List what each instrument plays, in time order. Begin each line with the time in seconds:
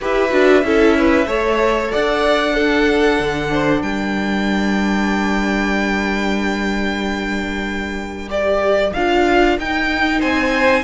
0.00 cello E4, viola G4, violin B4 E5
0.30 cello D4, viola F#4
0.63 cello C#4, viola E4, violin A4
0.97 violin B4
1.26 cello A3, viola A4, violin C#5
1.91 cello D4, violin D5 F#5
2.54 viola D4, violin A4
3.19 cello D3
3.51 violin C5
3.82 cello G3, violin A#4 G5
8.28 viola G4, violin D5
8.93 cello D4, viola F4, violin F5
9.58 cello D#4, viola D#4, violin G5
10.19 cello C4, violin C5 G#5